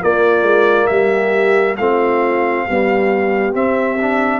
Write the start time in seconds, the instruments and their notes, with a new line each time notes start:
0.00 trombone A#3, tuba A#3, horn F4, trumpet D5
0.43 tuba G#3
0.87 tuba G3, horn G4, trumpet E5
1.77 tuba A3, trombone C4, horn F4, trumpet F5
2.68 trombone G3, tuba B3, horn G4
3.54 trombone C4, tuba C4, trumpet E5
4.02 trombone D4